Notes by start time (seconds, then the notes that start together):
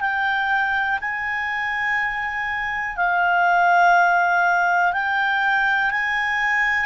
0.00 G5
1.01 G#5
2.96 F5
4.92 G5
5.90 G#5